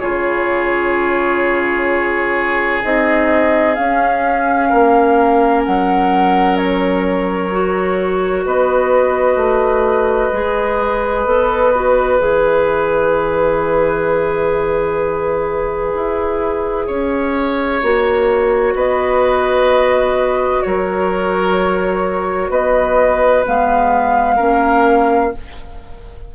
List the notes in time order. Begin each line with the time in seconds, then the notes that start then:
0.00 C#3 F4 G#4 C#5
2.84 C4 D#4 D#5
3.75 C#4 F5
4.70 A#3 A#4
5.65 F#3 F#5
6.57 C#5
7.52 F#4
8.46 B3 B4 D#5
9.37 A3
10.33 G#3 G#4
11.26 B3 A4
11.75 F#4
12.19 E3 G#4 E5
15.95 E4
16.87 C#4 C#5
17.83 A#3 F#4
18.75 B3 B4 D#5
20.63 F#3 A#4 C#5
22.50 B3 B4 D#5
23.46 G#3 B3 F5
24.37 A#3 C#4 A#4